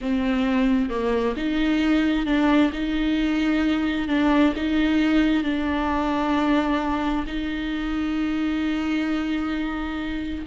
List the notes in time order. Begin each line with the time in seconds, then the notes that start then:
0.01 C4
0.89 A#3
1.36 D#4
2.25 D4
2.72 D#4
4.08 D4
4.56 D#4
5.43 D4
7.26 D#4